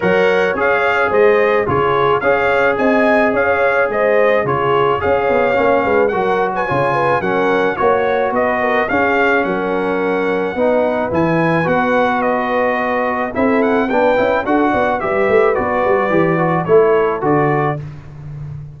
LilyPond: <<
  \new Staff \with { instrumentName = "trumpet" } { \time 4/4 \tempo 4 = 108 fis''4 f''4 dis''4 cis''4 | f''4 gis''4 f''4 dis''4 | cis''4 f''2 fis''8. gis''16~ | gis''4 fis''4 cis''4 dis''4 |
f''4 fis''2. | gis''4 fis''4 dis''2 | e''8 fis''8 g''4 fis''4 e''4 | d''2 cis''4 d''4 | }
  \new Staff \with { instrumentName = "horn" } { \time 4/4 cis''2 c''4 gis'4 | cis''4 dis''4 cis''4 c''4 | gis'4 cis''4. b'8 ais'8. b'16 | cis''8 b'8 ais'4 cis''4 b'8 ais'8 |
gis'4 ais'2 b'4~ | b'1 | a'4 b'4 a'8 d''8 b'4~ | b'2 a'2 | }
  \new Staff \with { instrumentName = "trombone" } { \time 4/4 ais'4 gis'2 f'4 | gis'1 | f'4 gis'4 cis'4 fis'4 | f'4 cis'4 fis'2 |
cis'2. dis'4 | e'4 fis'2. | e'4 d'8 e'8 fis'4 g'4 | fis'4 g'8 fis'8 e'4 fis'4 | }
  \new Staff \with { instrumentName = "tuba" } { \time 4/4 fis4 cis'4 gis4 cis4 | cis'4 c'4 cis'4 gis4 | cis4 cis'8 b8 ais8 gis8 fis4 | cis4 fis4 ais4 b4 |
cis'4 fis2 b4 | e4 b2. | c'4 b8 cis'8 d'8 b8 g8 a8 | b8 g8 e4 a4 d4 | }
>>